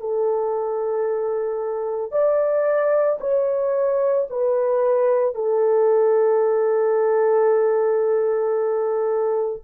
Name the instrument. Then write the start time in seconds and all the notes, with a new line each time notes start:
horn
0.00 A4
2.12 D5
3.21 C#5
4.30 B4
5.35 A4